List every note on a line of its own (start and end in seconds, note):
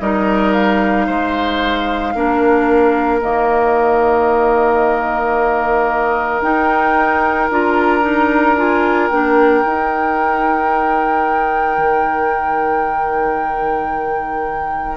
0.00 1.08 G3
0.00 2.15 D#4
0.00 1.06 A#4
0.00 0.53 D#5
0.53 3.21 F5
1.06 2.15 G#3
1.06 2.14 C5
2.15 3.22 A#3
2.15 3.21 D4
2.15 14.98 A#4
3.21 6.42 D#3
3.21 6.42 A#3
3.21 6.42 D#5
6.42 7.49 D#4
6.42 7.50 D#4
6.42 7.49 G5
7.50 9.11 D4
7.50 8.02 F4
7.50 8.59 A#5
8.02 8.56 D#4
8.57 9.11 F4
8.57 9.08 G#5
9.08 9.64 A#3
9.08 9.65 D4
9.08 14.98 G5
9.65 14.98 D#4
9.65 11.78 D#4
11.78 14.98 D#3